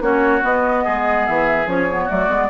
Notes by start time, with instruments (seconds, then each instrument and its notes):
0.00 bassoon A#3, clarinet C#4, oboe F#4, flute C#5
0.41 clarinet B3, bassoon B3, flute D#5
0.84 bassoon G#3, oboe G#4
1.26 bassoon E3, flute E5
1.66 bassoon F3, clarinet C#4, flute C#5
1.90 clarinet B3
2.05 clarinet A3, oboe F#4, flute D5
2.11 bassoon F#3
2.28 bassoon G#3, clarinet B3